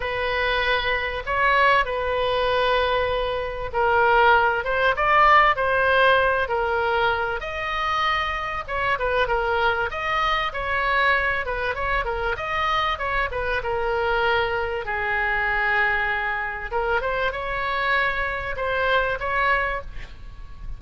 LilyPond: \new Staff \with { instrumentName = "oboe" } { \time 4/4 \tempo 4 = 97 b'2 cis''4 b'4~ | b'2 ais'4. c''8 | d''4 c''4. ais'4. | dis''2 cis''8 b'8 ais'4 |
dis''4 cis''4. b'8 cis''8 ais'8 | dis''4 cis''8 b'8 ais'2 | gis'2. ais'8 c''8 | cis''2 c''4 cis''4 | }